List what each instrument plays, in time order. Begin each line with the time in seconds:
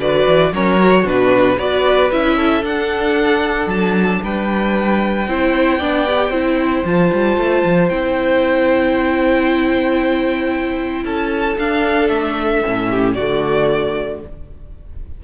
0.00 cello D3, viola F#4, violin B4 D5
0.27 cello E3
0.52 cello F#3, viola C#4, violin A#4 C#5
0.78 viola F#4
1.02 cello B2, viola D4, violin F#4 B4
1.58 cello B3, viola F#4, violin B4 D5
2.12 cello C#4, viola E4, violin E5
2.36 violin A4
2.62 cello D4, viola D4, violin F#5
3.67 cello F#3, violin A5
4.23 cello G3, violin B4 G5
5.28 cello C4, viola E4, violin C5
5.78 cello B3, viola D4, violin D5
6.07 viola G4
6.30 cello C4, viola E4, violin C5
6.85 cello F3, viola F4, violin A5
7.13 cello G3
7.37 cello A3
7.64 cello F3
7.89 cello C4, viola E4, violin G5
11.05 cello C#4, violin A4 A5
11.58 cello D4, viola D4, violin F5
12.08 cello A3, violin E5
12.65 cello A2, viola C#4
12.90 violin G4
13.14 cello D3, viola A3, violin F#4 D5